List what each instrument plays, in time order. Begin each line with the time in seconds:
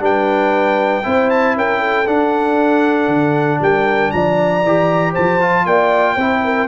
0.00 tuba G3, trombone D4, horn B4, trumpet G5
1.04 tuba C4, trombone E4, horn C5
1.31 trumpet A5
1.57 tuba C#4, horn A#4, trumpet G5
1.80 horn A4
2.07 trombone D4, tuba D4, trumpet F#5
3.08 tuba D3
3.61 tuba G3, horn A#4, trumpet G5
4.11 tuba F3, horn D5, trumpet A#5
4.64 tuba E3, trombone G4
5.13 horn C5, trumpet A5
5.19 tuba F3
5.41 trombone F4
5.66 tuba A#3, horn D5, trumpet G5
6.15 tuba C4, trombone E4, horn C5
6.44 horn A#4